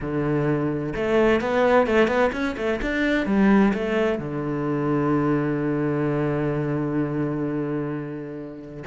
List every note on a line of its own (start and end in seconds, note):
0.00 0.93 D3
0.95 1.40 A3
1.40 1.86 B3
1.86 2.07 A3
2.07 2.30 B3
2.32 2.55 C#4
2.56 2.79 A3
2.81 3.26 D4
3.26 3.72 G3
3.73 4.18 A3
4.18 8.84 D3